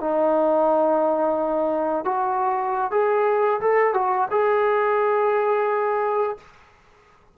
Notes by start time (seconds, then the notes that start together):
0.00 D#4
2.04 F#4
2.91 G#4
3.61 A4
3.93 F#4
4.30 G#4